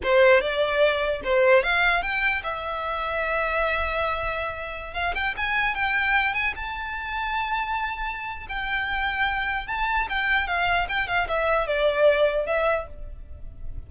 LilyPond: \new Staff \with { instrumentName = "violin" } { \time 4/4 \tempo 4 = 149 c''4 d''2 c''4 | f''4 g''4 e''2~ | e''1~ | e''16 f''8 g''8 gis''4 g''4. gis''16~ |
gis''16 a''2.~ a''8.~ | a''4 g''2. | a''4 g''4 f''4 g''8 f''8 | e''4 d''2 e''4 | }